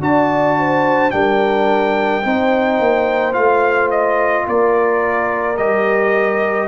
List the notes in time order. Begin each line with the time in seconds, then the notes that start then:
0.00 D4 F#4 D5 A5
0.59 C5
1.11 G3 D4 A#4 G5
2.22 C4 D#4 C5
2.79 A#3
3.33 A3 F4 F5
3.91 D#5
4.46 A#3 A#4 D5
5.57 G3 G4 D#5